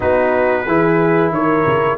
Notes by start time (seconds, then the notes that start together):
0.00 B3 D#4 F#4 B4
0.66 E3 E4 G#4
1.31 D#3 A#4 C#5
1.66 C#3